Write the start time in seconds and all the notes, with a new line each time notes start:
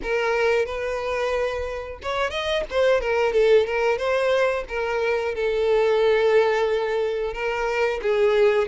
0.02 A#4
0.65 B4
2.02 C#5
2.30 D#5
2.70 C5
3.00 A#4
3.32 A4
3.66 A#4
3.98 C5
4.68 A#4
5.35 A4
7.33 A#4
8.02 G#4